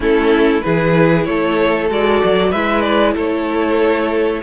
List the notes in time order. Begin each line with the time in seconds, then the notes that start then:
0.00 A3 C#4 E4 A4
0.61 E3 E4 G#4 B4
1.24 A3 A4 C#5
1.89 G#3 F#4 D5
2.24 F#3
2.50 G#3 E4 B4 E5
2.81 D5
3.14 A3 A4 C#5